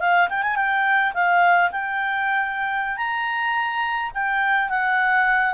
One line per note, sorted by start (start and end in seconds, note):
0.00 0.29 F5
0.29 0.43 G5
0.43 0.56 G#5
0.56 1.13 G5
1.14 1.71 F5
1.72 2.97 G5
2.97 4.11 A#5
4.15 4.70 G5
4.70 5.54 F#5